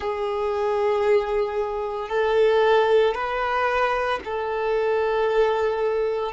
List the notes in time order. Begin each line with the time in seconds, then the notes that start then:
0.00 G#4
2.09 A4
3.14 B4
4.24 A4